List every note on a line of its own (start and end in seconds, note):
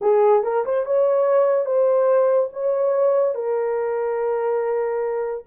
0.01 0.43 G#4
0.43 0.64 A#4
0.65 0.85 C5
0.85 1.65 C#5
1.65 2.49 C5
2.52 3.34 C#5
3.34 5.44 A#4